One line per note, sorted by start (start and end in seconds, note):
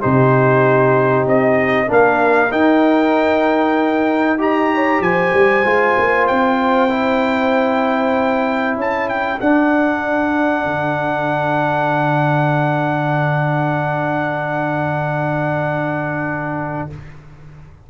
0.00 1.26 C3
0.00 1.87 D#4
0.00 1.87 G4
0.00 1.26 C5
1.26 1.88 C4
1.26 1.90 D#5
1.87 2.51 A#3
1.87 2.49 D4
1.87 4.37 A#4
1.87 2.51 F5
2.51 4.38 D#4
2.51 5.00 D#4
2.51 4.39 G5
4.38 5.63 G4
4.38 4.72 D#5
4.38 5.02 A#5
4.74 5.03 C#5
5.00 5.31 F3
5.00 8.77 C5
5.00 6.27 G#5
5.33 5.64 G3
5.64 5.96 G#3
5.64 6.89 F4
5.98 6.29 A#3
6.27 8.76 C4
6.27 8.77 G5
6.89 9.39 E4
8.76 9.38 C#4
8.76 16.89 A4
8.76 9.08 A5
9.08 9.39 G5
9.40 16.90 D4
9.40 10.65 D4
9.40 16.90 F#5
10.65 16.90 D3